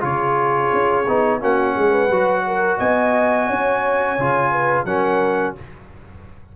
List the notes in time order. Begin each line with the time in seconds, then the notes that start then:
0.00 C#3 F4 G#4 C#5
0.73 C#4
1.08 B3 D#4
1.40 A#3 C#4 F#4 F#5
1.75 G#3 G#4
1.90 B4
2.09 F#3 F#4
2.46 A#4
2.78 B3 D#5 G#5
3.47 C#4 C#5
4.18 C#3 F4
4.51 B4
4.84 F#3 C#4 A#4 F#5